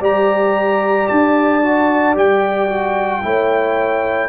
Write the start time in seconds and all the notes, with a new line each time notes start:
0.00 G3 G4 D5 A#5
1.08 D4 A5
1.61 F#4
2.15 G3 G4 G5
2.69 F#4
3.21 A3 E4 C#5